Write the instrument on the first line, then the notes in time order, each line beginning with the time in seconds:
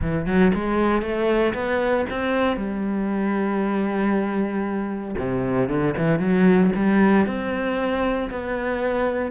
cello
0.01 E3
0.26 F#3
0.53 G#3
1.02 A3
1.54 B3
2.09 C4
2.56 G3
5.18 C3
5.68 D3
5.97 E3
6.19 F#3
6.75 G3
7.26 C4
8.30 B3